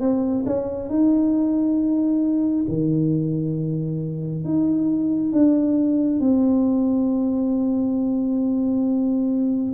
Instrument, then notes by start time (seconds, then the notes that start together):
tuba
0.00 C4
0.46 C#4
0.89 D#4
2.69 D#3
4.44 D#4
5.33 D4
6.20 C4